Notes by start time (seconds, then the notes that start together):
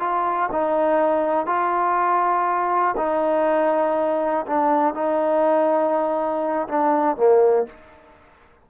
0.00 F4
0.52 D#4
1.47 F4
2.98 D#4
4.47 D4
4.95 D#4
6.69 D4
7.17 A#3